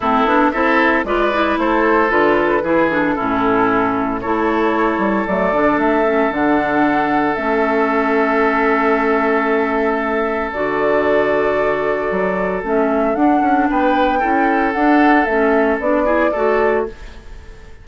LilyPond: <<
  \new Staff \with { instrumentName = "flute" } { \time 4/4 \tempo 4 = 114 a'4 e''4 d''4 c''4 | b'4. a'2~ a'8 | cis''2 d''4 e''4 | fis''2 e''2~ |
e''1 | d''1 | e''4 fis''4 g''2 | fis''4 e''4 d''2 | }
  \new Staff \with { instrumentName = "oboe" } { \time 4/4 e'4 a'4 b'4 a'4~ | a'4 gis'4 e'2 | a'1~ | a'1~ |
a'1~ | a'1~ | a'2 b'4 a'4~ | a'2~ a'8 gis'8 a'4 | }
  \new Staff \with { instrumentName = "clarinet" } { \time 4/4 c'8 d'8 e'4 f'8 e'4. | f'4 e'8 d'8 cis'2 | e'2 a8 d'4 cis'8 | d'2 cis'2~ |
cis'1 | fis'1 | cis'4 d'2 e'4 | d'4 cis'4 d'8 e'8 fis'4 | }
  \new Staff \with { instrumentName = "bassoon" } { \time 4/4 a8 b8 c'4 gis4 a4 | d4 e4 a,2 | a4. g8 fis8 d8 a4 | d2 a2~ |
a1 | d2. fis4 | a4 d'8 cis'8 b4 cis'4 | d'4 a4 b4 a4 | }
>>